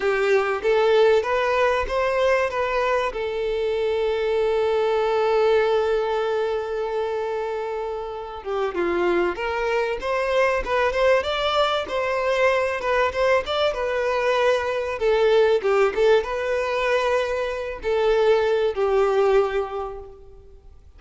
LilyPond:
\new Staff \with { instrumentName = "violin" } { \time 4/4 \tempo 4 = 96 g'4 a'4 b'4 c''4 | b'4 a'2.~ | a'1~ | a'4. g'8 f'4 ais'4 |
c''4 b'8 c''8 d''4 c''4~ | c''8 b'8 c''8 d''8 b'2 | a'4 g'8 a'8 b'2~ | b'8 a'4. g'2 | }